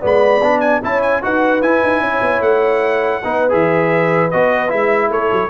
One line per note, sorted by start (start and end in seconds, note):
0.00 0.41 G#3
0.00 0.41 B3
0.00 0.80 D5
0.00 0.60 B5
0.41 0.81 B3
0.41 0.83 D4
0.60 0.80 G#5
0.82 1.23 C#4
0.82 1.22 E4
0.82 1.22 C#5
0.82 1.02 A5
1.02 1.22 G#5
1.22 1.62 D#4
1.22 1.62 F#4
1.22 2.03 B4
1.22 1.62 F#5
1.62 1.82 E4
1.62 3.22 E4
1.62 2.42 G#5
1.83 2.00 D#4
2.00 2.20 C#4
2.00 3.23 C#5
2.21 2.40 B3
2.40 3.20 A3
2.40 3.52 F#5
3.23 3.52 B3
3.23 3.49 D#4
3.23 5.12 B4
3.49 4.32 E3
3.49 4.29 G#4
3.49 4.31 E5
4.31 4.72 B3
4.31 4.68 F#4
4.31 4.70 D#5
4.68 5.09 G#3
4.68 5.48 E4
4.68 5.10 E5
5.09 5.29 A3
5.09 5.50 A4
5.09 5.50 C#5
5.31 5.50 F#3